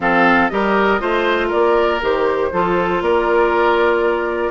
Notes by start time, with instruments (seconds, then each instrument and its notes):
0.00 bassoon F3, clarinet C4, oboe A4, flute F5
0.49 bassoon G3, clarinet G4, oboe A#4, flute D#5
0.99 bassoon A3, clarinet F4, oboe C5
1.47 oboe A#4, flute D5
1.54 bassoon A#3
2.01 bassoon D#3, clarinet G4, flute C5
2.52 bassoon F3, clarinet F4, oboe A4
3.01 bassoon A#3, oboe A#4, flute D5